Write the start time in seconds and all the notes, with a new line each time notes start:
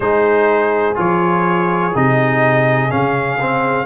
0.00 G#3 D#4 G#4 C5
0.95 F3 F4 C#5
1.95 C3 D#4 D#5
2.90 C#3 C#4 F5
3.40 C4